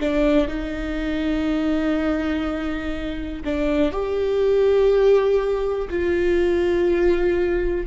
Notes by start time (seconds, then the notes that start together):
0.00 D4
0.48 D#4
3.45 D4
3.93 G4
5.90 F4